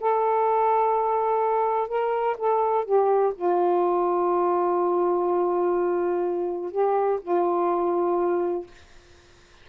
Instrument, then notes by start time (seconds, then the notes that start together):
saxophone
0.00 A4
1.88 A#4
2.38 A4
2.85 G4
3.36 F4
6.71 G4
7.22 F4